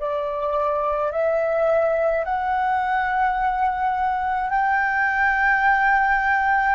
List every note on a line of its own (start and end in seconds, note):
0.00 1.12 D5
1.12 2.25 E5
2.25 4.51 F#5
4.51 6.76 G5